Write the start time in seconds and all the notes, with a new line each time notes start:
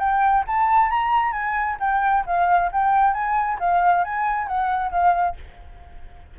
0.00 G5
0.47 A5
0.91 A#5
1.33 G#5
1.80 G5
2.27 F5
2.72 G5
3.14 G#5
3.60 F5
4.04 G#5
4.48 F#5
4.92 F5